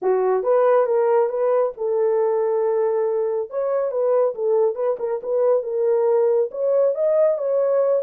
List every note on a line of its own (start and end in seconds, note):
0.02 0.43 F#4
0.43 0.86 B4
0.86 1.29 A#4
1.29 1.72 B4
1.77 3.50 A4
3.50 3.91 C#5
3.91 4.34 B4
4.35 4.75 A4
4.75 4.96 B4
4.99 5.20 A#4
5.23 5.62 B4
5.62 6.49 A#4
6.51 6.94 C#5
6.94 7.38 D#5
7.38 8.02 C#5